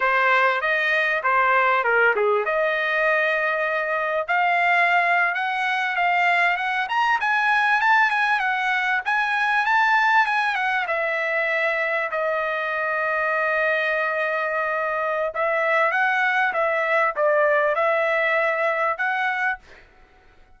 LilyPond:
\new Staff \with { instrumentName = "trumpet" } { \time 4/4 \tempo 4 = 98 c''4 dis''4 c''4 ais'8 gis'8 | dis''2. f''4~ | f''8. fis''4 f''4 fis''8 ais''8 gis''16~ | gis''8. a''8 gis''8 fis''4 gis''4 a''16~ |
a''8. gis''8 fis''8 e''2 dis''16~ | dis''1~ | dis''4 e''4 fis''4 e''4 | d''4 e''2 fis''4 | }